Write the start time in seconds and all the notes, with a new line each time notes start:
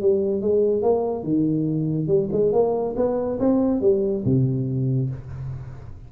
0.00 G3
0.41 G#3
0.82 A#3
1.23 D#3
2.07 G3
2.32 G#3
2.52 A#3
2.96 B3
3.39 C4
3.81 G3
4.25 C3